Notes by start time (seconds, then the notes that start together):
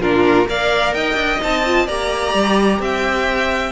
0.00 A#2 D4 F4 A#4
0.46 A#3 A#4 D5 F5
0.94 D#4 D#5 G5
1.15 D4
1.41 C4 D#4 A5
1.66 F4
1.86 A#3 G4 D5 A#5
2.34 G3
2.80 C4 E5 G5